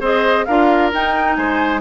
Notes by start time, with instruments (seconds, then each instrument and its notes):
0.00 bassoon C4, clarinet G#4, oboe C5, flute D#5
0.45 bassoon D4, clarinet F4, oboe A#4, flute F5
0.93 clarinet D#4, bassoon D#4, flute G5
1.36 bassoon G#3, oboe C5, flute G#5